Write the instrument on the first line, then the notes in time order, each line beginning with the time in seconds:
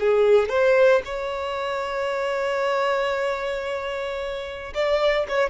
violin
0.00 G#4
0.49 C5
1.05 C#5
4.74 D5
5.29 C#5